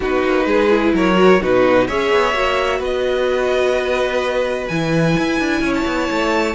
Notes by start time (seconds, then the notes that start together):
0.00 B3 D#4 F#4 B4
0.24 A#3
0.45 G#3 G#4
0.69 E4
0.93 F#3 A#4 C#5
1.14 F#4
1.41 B2 D#4 F#4 B4
1.87 C#4 G#4 C#5 E5
2.12 B3
2.33 A#3 F#4
2.79 B3 B4 D#5
4.67 E3 E4 G#5
5.18 E4
5.40 D4
5.61 C#4 C#5
5.74 A5
5.85 B3
6.11 A3